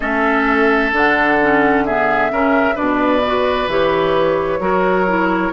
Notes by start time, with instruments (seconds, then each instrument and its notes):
0.00 bassoon A3, clarinet C#4, oboe A4, flute E5
0.92 bassoon D3, clarinet D4, flute F#5
1.41 clarinet C#4
1.85 clarinet B3, oboe G#4, flute E5
2.31 bassoon C#3, clarinet C#4, oboe A#4
2.75 bassoon B2, clarinet D4, oboe B4, flute D5
3.26 clarinet F#4
3.67 bassoon E3, clarinet G4, flute C#5
4.59 bassoon F#3, clarinet F#4, oboe A#4
5.07 clarinet E4